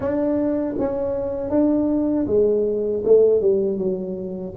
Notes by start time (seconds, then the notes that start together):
0.00 D4
0.78 C#4
1.50 D4
2.27 G#3
3.04 A3
3.41 G3
3.78 F#3